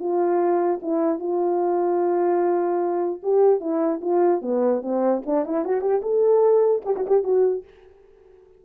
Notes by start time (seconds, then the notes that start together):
0.00 F4
0.82 E4
1.20 F4
3.23 G4
3.61 E4
4.02 F4
4.42 B3
4.83 C4
5.26 D4
5.45 E4
5.65 F#4
5.82 G4
6.02 A4
6.86 G4
6.96 F#4
7.07 G4
7.24 F#4